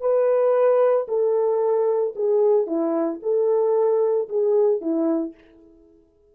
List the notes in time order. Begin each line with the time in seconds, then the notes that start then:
0.00 B4
1.08 A4
2.15 G#4
2.66 E4
3.22 A4
4.28 G#4
4.81 E4